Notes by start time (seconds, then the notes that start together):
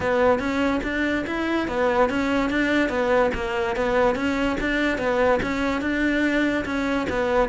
0.00 B3
0.39 C#4
0.83 D4
1.26 E4
1.68 B3
2.09 C#4
2.50 D4
2.89 B3
3.34 A#3
3.76 B3
4.15 C#4
4.60 D4
4.98 B3
5.42 C#4
5.81 D4
6.65 C#4
7.09 B3